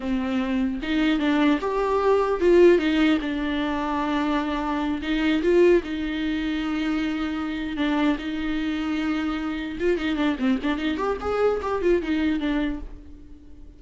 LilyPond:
\new Staff \with { instrumentName = "viola" } { \time 4/4 \tempo 4 = 150 c'2 dis'4 d'4 | g'2 f'4 dis'4 | d'1~ | d'8 dis'4 f'4 dis'4.~ |
dis'2.~ dis'8 d'8~ | d'8 dis'2.~ dis'8~ | dis'8 f'8 dis'8 d'8 c'8 d'8 dis'8 g'8 | gis'4 g'8 f'8 dis'4 d'4 | }